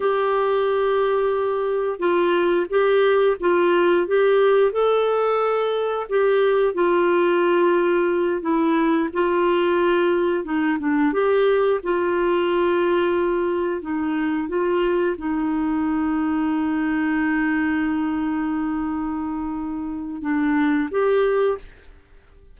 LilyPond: \new Staff \with { instrumentName = "clarinet" } { \time 4/4 \tempo 4 = 89 g'2. f'4 | g'4 f'4 g'4 a'4~ | a'4 g'4 f'2~ | f'8 e'4 f'2 dis'8 |
d'8 g'4 f'2~ f'8~ | f'8 dis'4 f'4 dis'4.~ | dis'1~ | dis'2 d'4 g'4 | }